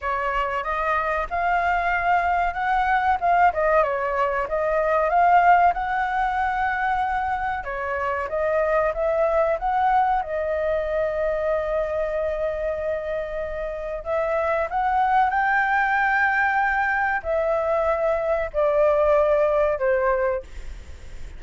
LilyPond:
\new Staff \with { instrumentName = "flute" } { \time 4/4 \tempo 4 = 94 cis''4 dis''4 f''2 | fis''4 f''8 dis''8 cis''4 dis''4 | f''4 fis''2. | cis''4 dis''4 e''4 fis''4 |
dis''1~ | dis''2 e''4 fis''4 | g''2. e''4~ | e''4 d''2 c''4 | }